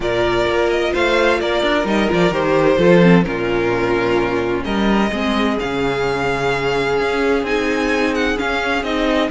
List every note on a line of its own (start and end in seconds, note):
0.00 0.46 A#2
0.00 1.85 F4
0.00 0.92 A#4
0.00 0.70 D5
0.46 0.93 A#3
0.70 0.93 D#5
0.92 1.41 A3
0.92 1.38 C5
0.92 1.40 F5
1.40 1.62 A#3
1.40 2.78 A#4
1.40 1.87 D5
1.62 1.84 D4
1.84 2.07 G3
1.84 2.08 D#4
1.84 2.10 D#5
2.08 2.30 F3
2.08 2.31 F4
2.08 2.33 D5
2.30 2.77 D#3
2.30 2.78 G4
2.30 3.23 C5
2.78 3.24 F3
2.78 3.02 F4
2.78 3.25 A4
3.02 3.24 C4
3.23 4.64 A#2
3.23 5.10 C#4
3.23 4.64 F4
3.23 4.63 A#4
4.64 5.11 G3
4.64 5.10 A#4
4.64 5.57 D#5
5.10 5.58 G#3
5.10 5.59 C4
5.10 9.29 G#4
5.59 7.00 C#3
5.59 7.45 C#4
5.59 7.45 F5
7.00 7.42 C#4
7.42 8.35 C4
7.42 8.37 D#4
7.42 8.14 G#5
8.14 8.37 F#5
8.37 8.83 C#4
8.37 8.83 F5
8.83 9.29 C4
8.83 9.30 D#4
8.83 9.30 D#5